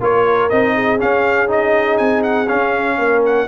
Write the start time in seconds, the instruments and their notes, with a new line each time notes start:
0.00 tuba A#3, trombone F4, horn A#4, trumpet C#5
0.49 tuba C4, trombone D#4, trumpet D#5
0.74 horn G#4
0.98 trombone C#4, tuba C#4, trumpet F5
1.47 trombone D#4, trumpet D#5
1.97 tuba C4, trumpet G#5
2.23 trumpet F#5
2.48 trombone C#4, tuba C#4, trumpet F5
2.98 tuba A#3, horn A#4
3.25 trumpet F#5